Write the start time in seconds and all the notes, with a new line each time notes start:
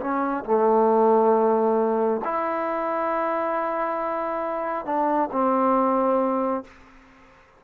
0.00 C#4
0.45 A3
2.24 E4
4.85 D4
5.31 C4